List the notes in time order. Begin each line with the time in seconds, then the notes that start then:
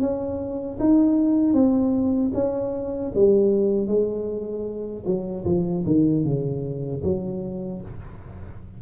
0.00 C#4
0.79 D#4
1.53 C4
2.34 C#4
3.15 G3
3.87 G#3
5.05 F#3
5.44 F3
5.85 D#3
6.24 C#3
7.03 F#3